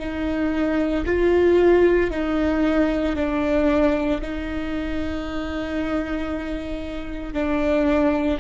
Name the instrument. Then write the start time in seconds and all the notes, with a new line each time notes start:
viola
0.00 D#4
1.06 F4
2.11 D#4
3.16 D4
4.22 D#4
7.34 D4